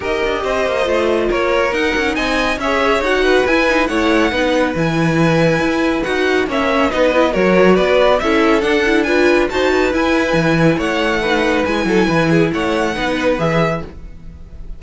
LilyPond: <<
  \new Staff \with { instrumentName = "violin" } { \time 4/4 \tempo 4 = 139 dis''2. cis''4 | fis''4 gis''4 e''4 fis''4 | gis''4 fis''2 gis''4~ | gis''2 fis''4 e''4 |
dis''4 cis''4 d''4 e''4 | fis''4 gis''4 a''4 gis''4~ | gis''4 fis''2 gis''4~ | gis''4 fis''2 e''4 | }
  \new Staff \with { instrumentName = "violin" } { \time 4/4 ais'4 c''2 ais'4~ | ais'4 dis''4 cis''4. b'8~ | b'4 cis''4 b'2~ | b'2. cis''4 |
b'4 ais'4 b'4 a'4~ | a'4 b'4 c''8 b'4.~ | b'4 cis''4 b'4. a'8 | b'8 gis'8 cis''4 b'2 | }
  \new Staff \with { instrumentName = "viola" } { \time 4/4 g'2 f'2 | dis'2 gis'4 fis'4 | e'8 dis'8 e'4 dis'4 e'4~ | e'2 fis'4 cis'4 |
dis'8 e'8 fis'2 e'4 | d'8 e'8 f'4 fis'4 e'4~ | e'2 dis'4 e'4~ | e'2 dis'4 gis'4 | }
  \new Staff \with { instrumentName = "cello" } { \time 4/4 dis'8 d'8 c'8 ais8 a4 ais4 | dis'8 cis'8 c'4 cis'4 dis'4 | e'4 a4 b4 e4~ | e4 e'4 dis'4 ais4 |
b4 fis4 b4 cis'4 | d'2 dis'4 e'4 | e4 a2 gis8 fis8 | e4 a4 b4 e4 | }
>>